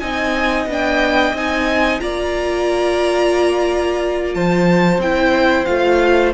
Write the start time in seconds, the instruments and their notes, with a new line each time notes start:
0.00 cello C4, viola D#4, violin D#5 G#5
0.67 cello B3, viola D4, violin G5
1.33 cello C4, viola D#4, violin G#5
2.00 cello A#3, viola F4, violin D5 A#5
4.34 cello F3, violin C5 A5
4.98 cello C4, viola E4, violin G5
5.66 cello A3, viola F4, violin F5